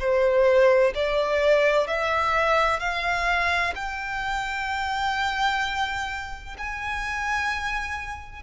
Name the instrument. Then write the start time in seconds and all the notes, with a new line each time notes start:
violin
0.00 C5
0.95 D5
1.87 E5
2.80 F5
3.76 G5
6.58 G#5